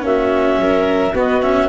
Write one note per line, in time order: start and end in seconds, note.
0.00 0.57 A#3
0.00 1.12 C#4
0.00 0.61 F#4
0.00 1.16 E5
0.57 1.13 F#3
0.57 1.14 A#4
1.13 1.68 B3
1.13 1.42 B3
1.13 1.68 F#4
1.13 1.41 D#5
1.41 1.68 C#4
1.41 1.68 E5